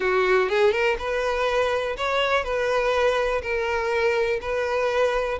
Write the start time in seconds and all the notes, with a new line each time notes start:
0.00 F#4
0.49 G#4
0.72 A#4
0.98 B4
1.96 C#5
2.44 B4
3.42 A#4
4.41 B4